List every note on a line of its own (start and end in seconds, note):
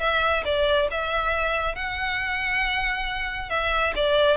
0.00 0.44 E5
0.45 0.89 D5
0.91 1.75 E5
1.75 3.50 F#5
3.50 3.93 E5
3.96 4.37 D5